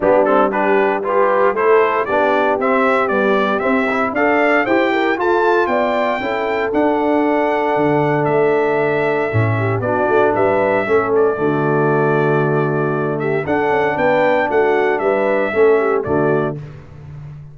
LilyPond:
<<
  \new Staff \with { instrumentName = "trumpet" } { \time 4/4 \tempo 4 = 116 g'8 a'8 b'4 g'4 c''4 | d''4 e''4 d''4 e''4 | f''4 g''4 a''4 g''4~ | g''4 fis''2. |
e''2. d''4 | e''4. d''2~ d''8~ | d''4. e''8 fis''4 g''4 | fis''4 e''2 d''4 | }
  \new Staff \with { instrumentName = "horn" } { \time 4/4 d'4 g'4 b'4 a'4 | g'1 | d''4 c''8 ais'8 a'4 d''4 | a'1~ |
a'2~ a'8 g'8 fis'4 | b'4 a'4 fis'2~ | fis'4. g'8 a'4 b'4 | fis'4 b'4 a'8 g'8 fis'4 | }
  \new Staff \with { instrumentName = "trombone" } { \time 4/4 b8 c'8 d'4 f'4 e'4 | d'4 c'4 g4 c'8 e'8 | a'4 g'4 f'2 | e'4 d'2.~ |
d'2 cis'4 d'4~ | d'4 cis'4 a2~ | a2 d'2~ | d'2 cis'4 a4 | }
  \new Staff \with { instrumentName = "tuba" } { \time 4/4 g2. a4 | b4 c'4 b4 c'4 | d'4 e'4 f'4 b4 | cis'4 d'2 d4 |
a2 a,4 b8 a8 | g4 a4 d2~ | d2 d'8 cis'8 b4 | a4 g4 a4 d4 | }
>>